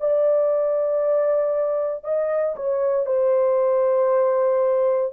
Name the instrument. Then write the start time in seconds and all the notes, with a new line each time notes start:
horn
0.00 D5
2.04 D#5
2.56 C#5
3.06 C5